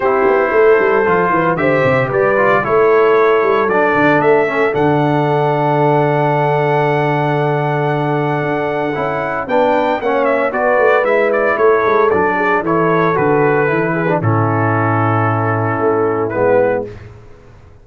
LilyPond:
<<
  \new Staff \with { instrumentName = "trumpet" } { \time 4/4 \tempo 4 = 114 c''2. e''4 | d''4 cis''2 d''4 | e''4 fis''2.~ | fis''1~ |
fis''2 g''4 fis''8 e''8 | d''4 e''8 d''8 cis''4 d''4 | cis''4 b'2 a'4~ | a'2. b'4 | }
  \new Staff \with { instrumentName = "horn" } { \time 4/4 g'4 a'4. b'8 c''4 | b'4 a'2.~ | a'1~ | a'1~ |
a'2 b'4 cis''4 | b'2 a'4. gis'8 | a'2~ a'8 gis'8 e'4~ | e'1 | }
  \new Staff \with { instrumentName = "trombone" } { \time 4/4 e'2 f'4 g'4~ | g'8 f'8 e'2 d'4~ | d'8 cis'8 d'2.~ | d'1~ |
d'4 e'4 d'4 cis'4 | fis'4 e'2 d'4 | e'4 fis'4 e'8. d'16 cis'4~ | cis'2. b4 | }
  \new Staff \with { instrumentName = "tuba" } { \time 4/4 c'8 b8 a8 g8 f8 e8 d8 c8 | g4 a4. g8 fis8 d8 | a4 d2.~ | d1 |
d'4 cis'4 b4 ais4 | b8 a8 gis4 a8 gis8 fis4 | e4 d4 e4 a,4~ | a,2 a4 gis4 | }
>>